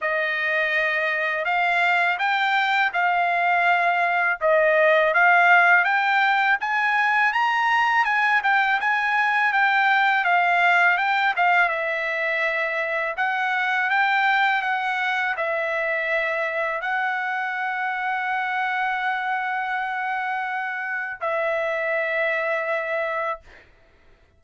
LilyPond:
\new Staff \with { instrumentName = "trumpet" } { \time 4/4 \tempo 4 = 82 dis''2 f''4 g''4 | f''2 dis''4 f''4 | g''4 gis''4 ais''4 gis''8 g''8 | gis''4 g''4 f''4 g''8 f''8 |
e''2 fis''4 g''4 | fis''4 e''2 fis''4~ | fis''1~ | fis''4 e''2. | }